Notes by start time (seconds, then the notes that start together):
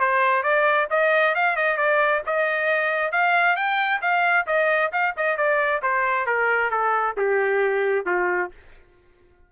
0.00 C5
0.43 D5
0.91 D#5
1.35 F5
1.57 D#5
1.77 D5
2.27 D#5
3.12 F5
3.56 G5
4.02 F5
4.47 D#5
4.93 F5
5.17 D#5
5.37 D5
5.82 C5
6.26 A#4
6.71 A4
7.17 G4
8.06 F4